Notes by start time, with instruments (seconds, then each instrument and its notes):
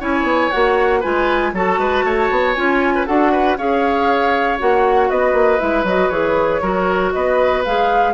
0.00 bassoon C#4, clarinet E4, oboe C#5, flute G#5
0.23 bassoon B3
0.50 bassoon A#3, clarinet F#4, flute F#5
1.00 bassoon G#3, clarinet F4, oboe B4, flute G#5
1.53 bassoon F#3, clarinet F#4, oboe A4, flute A5
1.77 bassoon G#3, oboe B4
2.04 bassoon A3, oboe C#5
2.30 bassoon B3
2.54 bassoon C#4, clarinet F4, flute G#5
2.95 oboe B4
3.06 bassoon D4, clarinet F#4, oboe A4, flute F#5
3.32 oboe B4
3.57 bassoon C#4, clarinet G#4, oboe C#5, flute F5
4.59 bassoon A#3, clarinet F#4, flute F#5
5.09 bassoon B3, oboe B4, flute D#5
5.33 bassoon A#3
5.59 bassoon G#3, clarinet E4, flute E5
5.83 bassoon F#3, clarinet F#4, flute D#5
6.09 bassoon E3, clarinet G#4, flute C#5
6.62 bassoon F#3, clarinet F#4, oboe A#4
7.12 bassoon B3, oboe B4, flute D#5
7.64 bassoon G#3, clarinet G#4, flute F5